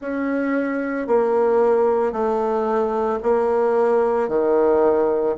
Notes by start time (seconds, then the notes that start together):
0.01 C#4
1.07 A#3
2.12 A3
3.22 A#3
4.28 D#3